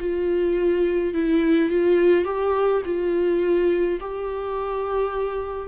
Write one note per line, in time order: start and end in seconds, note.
0.00 1.14 F4
1.14 1.70 E4
1.70 2.25 F4
2.25 2.82 G4
2.85 4.00 F4
4.01 5.68 G4